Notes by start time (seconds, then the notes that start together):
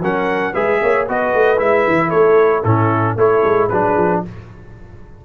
0.00 F#3 C#4 A#4 F#5
0.53 G#3 G#4 B4 E5
0.82 A#3 C#5
1.07 B3 F#4 B4 D#5
1.34 A3
1.58 G#3 E4 E5
1.87 E3
2.09 A3 A4 C#5
2.64 A2 C#4 E4 A4
3.16 A3 E4 A4 C#5
3.44 G#3
3.69 F#3 D4 G#4 B4
3.97 F3